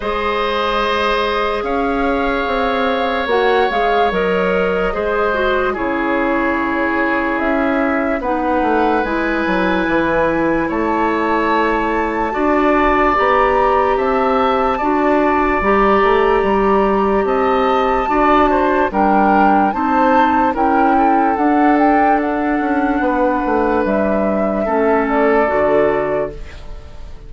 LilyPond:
<<
  \new Staff \with { instrumentName = "flute" } { \time 4/4 \tempo 4 = 73 dis''2 f''2 | fis''8 f''8 dis''2 cis''4~ | cis''4 e''4 fis''4 gis''4~ | gis''4 a''2. |
ais''4 a''2 ais''4~ | ais''4 a''2 g''4 | a''4 g''4 fis''8 g''8 fis''4~ | fis''4 e''4. d''4. | }
  \new Staff \with { instrumentName = "oboe" } { \time 4/4 c''2 cis''2~ | cis''2 c''4 gis'4~ | gis'2 b'2~ | b'4 cis''2 d''4~ |
d''4 e''4 d''2~ | d''4 dis''4 d''8 c''8 ais'4 | c''4 ais'8 a'2~ a'8 | b'2 a'2 | }
  \new Staff \with { instrumentName = "clarinet" } { \time 4/4 gis'1 | fis'8 gis'8 ais'4 gis'8 fis'8 e'4~ | e'2 dis'4 e'4~ | e'2. fis'4 |
g'2 fis'4 g'4~ | g'2 fis'4 d'4 | dis'4 e'4 d'2~ | d'2 cis'4 fis'4 | }
  \new Staff \with { instrumentName = "bassoon" } { \time 4/4 gis2 cis'4 c'4 | ais8 gis8 fis4 gis4 cis4~ | cis4 cis'4 b8 a8 gis8 fis8 | e4 a2 d'4 |
b4 c'4 d'4 g8 a8 | g4 c'4 d'4 g4 | c'4 cis'4 d'4. cis'8 | b8 a8 g4 a4 d4 | }
>>